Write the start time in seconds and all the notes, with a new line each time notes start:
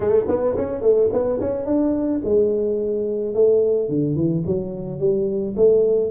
0.00 A3
0.28 B3
0.56 C#4
0.81 A3
1.12 B3
1.40 C#4
1.65 D4
2.24 G#3
3.34 A3
3.89 D3
4.15 E3
4.46 F#3
4.99 G3
5.56 A3